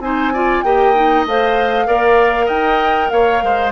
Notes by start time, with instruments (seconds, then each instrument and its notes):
0.00 bassoon C4, clarinet D#4, oboe C5, flute G#5
0.34 clarinet F4, oboe D5
0.63 bassoon A#3, clarinet G4, oboe D#5, flute G5
0.95 clarinet D#4
1.26 bassoon A3, clarinet C5, flute F5
1.86 bassoon A#3, clarinet A#4, oboe D5
2.46 bassoon D#4, oboe D#5, flute G5
3.10 bassoon A#3, oboe C#5, flute F5
3.43 bassoon G#3, oboe C5